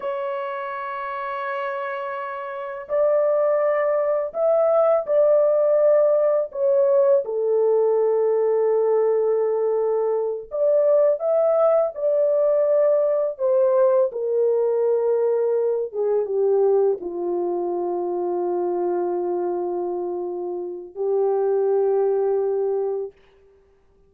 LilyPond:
\new Staff \with { instrumentName = "horn" } { \time 4/4 \tempo 4 = 83 cis''1 | d''2 e''4 d''4~ | d''4 cis''4 a'2~ | a'2~ a'8 d''4 e''8~ |
e''8 d''2 c''4 ais'8~ | ais'2 gis'8 g'4 f'8~ | f'1~ | f'4 g'2. | }